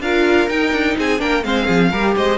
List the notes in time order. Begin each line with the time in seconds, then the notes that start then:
0.00 D4 F4 A#4 F5
0.49 D#4 G5
0.72 D4
0.98 C4 G#4 G#5
1.18 A#3 D4 A#4 G5
1.44 G#3 C4 C5 F5
1.65 F3 G#4
1.91 G3 G4 A#4
2.16 G#3 C5 D#5